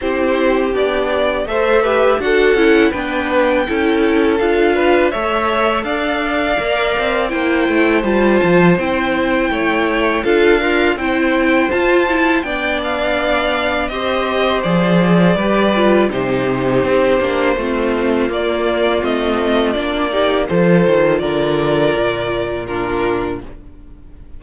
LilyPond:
<<
  \new Staff \with { instrumentName = "violin" } { \time 4/4 \tempo 4 = 82 c''4 d''4 e''4 fis''4 | g''2 f''4 e''4 | f''2 g''4 a''4 | g''2 f''4 g''4 |
a''4 g''8 f''4. dis''4 | d''2 c''2~ | c''4 d''4 dis''4 d''4 | c''4 d''2 ais'4 | }
  \new Staff \with { instrumentName = "violin" } { \time 4/4 g'2 c''8 b'8 a'4 | b'4 a'4. b'8 cis''4 | d''2 c''2~ | c''4 cis''4 a'8 f'8 c''4~ |
c''4 d''2 c''4~ | c''4 b'4 g'2 | f'2.~ f'8 g'8 | a'4 ais'2 f'4 | }
  \new Staff \with { instrumentName = "viola" } { \time 4/4 e'4 d'4 a'8 g'8 fis'8 e'8 | d'4 e'4 f'4 a'4~ | a'4 ais'4 e'4 f'4 | e'2 f'8 ais'8 e'4 |
f'8 e'8 d'2 g'4 | gis'4 g'8 f'8 dis'4. d'8 | c'4 ais4 c'4 d'8 dis'8 | f'2. d'4 | }
  \new Staff \with { instrumentName = "cello" } { \time 4/4 c'4 b4 a4 d'8 cis'8 | b4 cis'4 d'4 a4 | d'4 ais8 c'8 ais8 a8 g8 f8 | c'4 a4 d'4 c'4 |
f'4 b2 c'4 | f4 g4 c4 c'8 ais8 | a4 ais4 a4 ais4 | f8 dis8 d4 ais,2 | }
>>